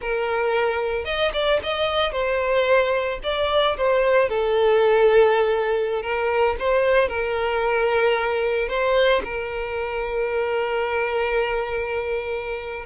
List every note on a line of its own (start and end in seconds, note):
0.01 1.04 A#4
1.04 1.31 D#5
1.33 1.59 D5
1.63 2.12 D#5
2.12 3.19 C5
3.23 3.76 D5
3.77 4.29 C5
4.29 6.02 A4
6.02 6.56 A#4
6.59 7.08 C5
7.08 8.68 A#4
8.68 9.22 C5
9.24 12.85 A#4